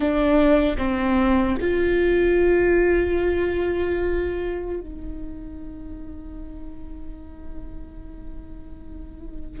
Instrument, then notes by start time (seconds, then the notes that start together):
viola
0.00 D4
0.77 C4
1.60 F4
4.80 D#4